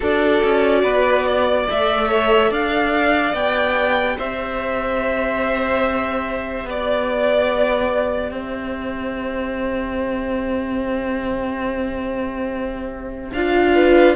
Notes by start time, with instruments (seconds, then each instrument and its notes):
0.00 cello D4, viola F#4, violin A4 D5
0.43 cello C#4
0.83 cello B3, violin B4
1.27 violin D5
1.69 cello A3, viola A4, violin E5
2.08 violin C#5
2.48 cello D4, violin D5 F5
3.33 cello B3, viola G4, violin G5
4.17 cello C4, violin C5 E5
6.64 cello B3, violin D5
8.31 cello C4, violin C5 E5
13.32 cello D4, viola F4, violin F5
13.74 violin B4